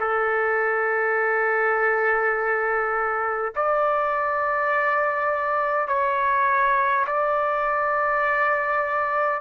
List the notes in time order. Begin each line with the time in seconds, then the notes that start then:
0.00 A4
3.55 D5
5.88 C#5
7.07 D5